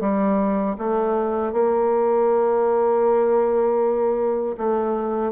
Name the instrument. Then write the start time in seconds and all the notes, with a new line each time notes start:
bassoon
0.00 G3
0.78 A3
1.52 A#3
4.57 A3